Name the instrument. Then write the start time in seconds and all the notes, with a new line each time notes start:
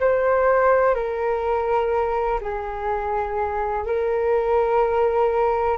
flute
0.00 C5
0.95 A#4
2.41 G#4
3.86 A#4